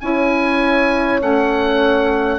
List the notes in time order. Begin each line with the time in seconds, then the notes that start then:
0.00 C#4 E4 C#5 G#5
1.19 A3 C#4 F#5